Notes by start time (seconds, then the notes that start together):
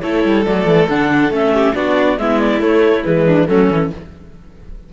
0.00 A3 E4 A4 C#5
0.24 G3
0.45 F#3 A3 D5
0.65 E3
0.88 D3 D4 F#5
1.29 A3 C#4 E5
1.53 G4
1.74 B3 D4 F#4 D5
2.18 G#3 B3 E4 E5
2.39 D5
2.59 A3 C#5
3.03 E3 G#3 B4
3.26 D4
3.47 F#3 A3 C#4 A4
3.69 E3 C#4